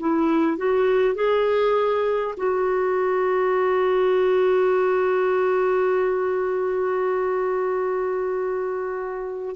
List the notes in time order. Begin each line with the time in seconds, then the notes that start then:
0.00 E4
0.57 F#4
1.15 G#4
2.37 F#4